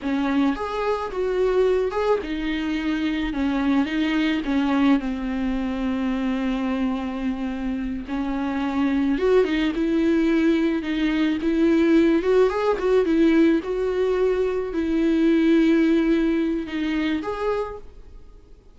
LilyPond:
\new Staff \with { instrumentName = "viola" } { \time 4/4 \tempo 4 = 108 cis'4 gis'4 fis'4. gis'8 | dis'2 cis'4 dis'4 | cis'4 c'2.~ | c'2~ c'8 cis'4.~ |
cis'8 fis'8 dis'8 e'2 dis'8~ | dis'8 e'4. fis'8 gis'8 fis'8 e'8~ | e'8 fis'2 e'4.~ | e'2 dis'4 gis'4 | }